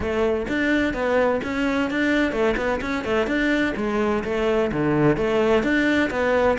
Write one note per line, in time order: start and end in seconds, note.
0.00 0.46 A3
0.48 0.93 D4
0.93 1.40 B3
1.43 1.90 C#4
1.90 2.31 D4
2.31 2.55 A3
2.57 2.80 B3
2.81 3.04 C#4
3.04 3.26 A3
3.26 3.73 D4
3.76 4.23 G#3
4.24 4.71 A3
4.72 5.16 D3
5.16 5.63 A3
5.63 6.10 D4
6.10 6.57 B3